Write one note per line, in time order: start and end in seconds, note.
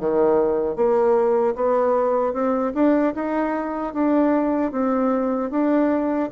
0.00 0.76 D#3
0.76 1.55 A#3
1.55 2.33 B3
2.33 2.73 C4
2.75 3.14 D4
3.15 3.94 D#4
3.94 4.72 D4
4.72 5.51 C4
5.51 6.30 D4